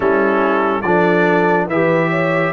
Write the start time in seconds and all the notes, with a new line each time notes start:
0.00 G3 C#4 E4 A4
0.81 F3 D4 A4 D5
1.66 E3 G4 B4 E5
2.09 C#5